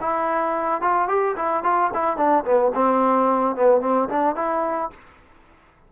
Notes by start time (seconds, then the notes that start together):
0.00 E4
0.81 F4
1.08 G4
1.36 E4
1.63 F4
1.94 E4
2.17 D4
2.44 B3
2.74 C4
3.56 B3
3.81 C4
4.09 D4
4.35 E4